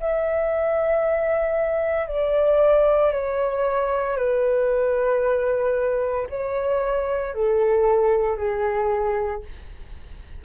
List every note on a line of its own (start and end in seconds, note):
0.00 2.07 E5
2.07 3.12 D5
3.12 4.16 C#5
4.16 6.27 B4
6.29 7.34 C#5
7.34 8.36 A4
8.36 9.42 G#4